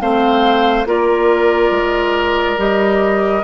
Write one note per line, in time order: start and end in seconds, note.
0.00 0.86 A3
0.00 0.86 C4
0.00 0.87 C5
0.00 0.86 F5
0.86 1.71 A#3
0.86 2.57 F4
0.86 3.43 A#4
0.86 2.60 D5
1.71 2.56 G#3
2.57 3.43 G3
2.57 3.43 G4
2.57 3.43 D#5